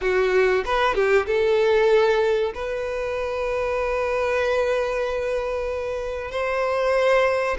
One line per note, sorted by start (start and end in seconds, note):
0.01 0.64 F#4
0.65 0.94 B4
0.94 1.26 G4
1.26 2.52 A4
2.54 6.31 B4
6.31 7.57 C5